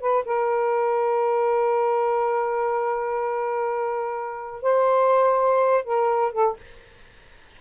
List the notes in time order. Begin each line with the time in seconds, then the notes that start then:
0.00 B4
0.25 A#4
4.62 C5
5.84 A#4
6.32 A4